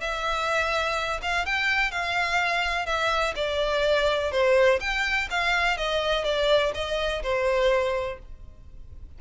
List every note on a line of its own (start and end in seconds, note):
0.00 1.20 E5
1.22 1.45 F5
1.45 1.91 G5
1.91 2.86 F5
2.86 3.34 E5
3.35 4.31 D5
4.31 4.79 C5
4.80 5.28 G5
5.30 5.77 F5
5.77 6.24 D#5
6.24 6.72 D5
6.74 7.22 D#5
7.22 8.18 C5